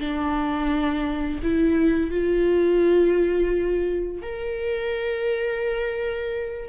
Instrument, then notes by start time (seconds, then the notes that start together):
viola
0.00 D4
1.43 E4
2.11 F4
4.22 A#4